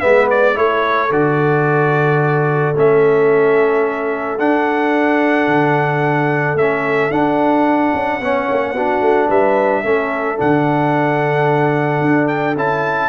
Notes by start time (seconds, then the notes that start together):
0.00 G#3 B3 B4 E5
0.30 D5
0.54 A3 E4 A4 C#5
1.11 D3 F#4 D5
2.75 A3 C#4 E5
4.39 D4 F#5
5.48 D3
6.54 A3 C#4 E5
7.11 D4 F#5
7.94 C#4
8.20 B3 C#4 C#5
8.50 A#3
8.73 B3 D4 F#4
9.01 A3
9.29 G3 B4 E5
9.84 A3 C#4 A4
10.37 D3 D4 F#5
12.01 D4
12.28 G5
12.56 C#4 E4 A5